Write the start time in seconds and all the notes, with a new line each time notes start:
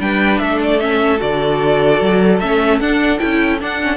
0.00 G3 D4 B4 G5
0.39 A3 A4 E5
0.64 D5
0.81 C#4 E5
1.18 D3 F#4 D5
2.01 F#3
2.40 A3 C#4 E5
2.81 D4 F#5
3.19 C#4 E4 G5
3.61 D4 F#5
3.83 C#4